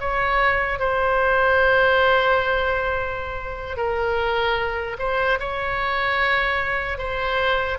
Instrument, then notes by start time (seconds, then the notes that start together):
oboe
0.00 C#5
0.79 C5
3.77 A#4
4.99 C5
5.40 C#5
6.98 C5